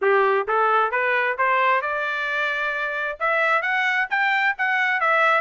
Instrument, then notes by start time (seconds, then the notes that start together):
trumpet
0.01 G4
0.47 A4
0.91 B4
1.37 C5
1.81 D5
3.19 E5
3.62 F#5
4.10 G5
4.57 F#5
5.00 E5